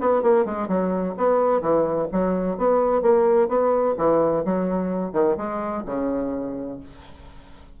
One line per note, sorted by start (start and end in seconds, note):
0.00 0.22 B3
0.22 0.45 A#3
0.45 0.68 G#3
0.68 1.14 F#3
1.17 1.61 B3
1.61 2.08 E3
2.12 2.57 F#3
2.57 3.01 B3
3.01 3.48 A#3
3.48 3.95 B3
3.97 4.44 E3
4.44 5.12 F#3
5.12 5.36 D#3
5.37 5.84 G#3
5.86 6.79 C#3